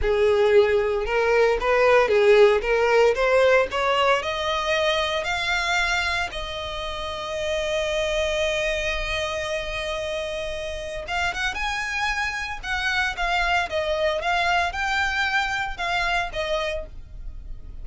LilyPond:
\new Staff \with { instrumentName = "violin" } { \time 4/4 \tempo 4 = 114 gis'2 ais'4 b'4 | gis'4 ais'4 c''4 cis''4 | dis''2 f''2 | dis''1~ |
dis''1~ | dis''4 f''8 fis''8 gis''2 | fis''4 f''4 dis''4 f''4 | g''2 f''4 dis''4 | }